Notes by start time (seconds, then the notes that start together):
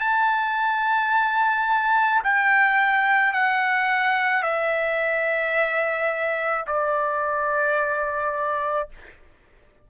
0.00 A5
2.24 G5
3.33 F#5
4.43 E5
6.67 D5